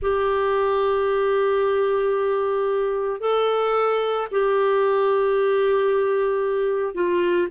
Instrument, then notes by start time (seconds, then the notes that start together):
clarinet
0.01 G4
3.20 A4
4.31 G4
6.94 F4